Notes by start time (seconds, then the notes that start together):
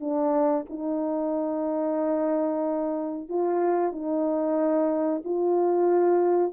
0.00 D4
0.69 D#4
3.29 F4
3.92 D#4
5.24 F4